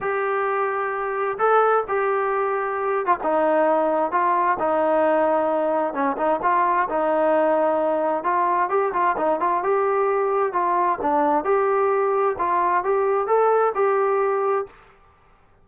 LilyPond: \new Staff \with { instrumentName = "trombone" } { \time 4/4 \tempo 4 = 131 g'2. a'4 | g'2~ g'8. f'16 dis'4~ | dis'4 f'4 dis'2~ | dis'4 cis'8 dis'8 f'4 dis'4~ |
dis'2 f'4 g'8 f'8 | dis'8 f'8 g'2 f'4 | d'4 g'2 f'4 | g'4 a'4 g'2 | }